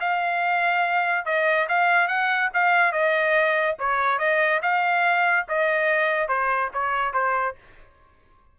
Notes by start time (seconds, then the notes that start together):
0.00 F5
1.25 D#5
1.69 F5
2.08 F#5
2.54 F5
2.92 D#5
3.79 C#5
4.19 D#5
4.62 F5
5.48 D#5
6.28 C5
6.73 C#5
7.13 C5